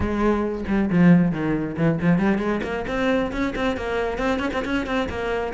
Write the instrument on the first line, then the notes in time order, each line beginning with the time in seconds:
cello
0.00 G#3
0.67 G3
0.90 F3
1.31 D#3
1.76 E3
2.01 F3
2.18 G3
2.38 G#3
2.63 A#3
2.87 C4
3.31 C#4
3.55 C4
3.76 A#3
4.18 C4
4.39 C#4
4.53 C4
4.64 C#4
4.86 C4
5.09 A#3